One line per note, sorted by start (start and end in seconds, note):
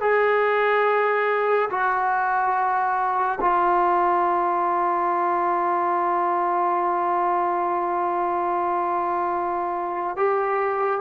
0.00 1.69 G#4
1.70 3.39 F#4
3.40 10.16 F4
10.16 11.00 G4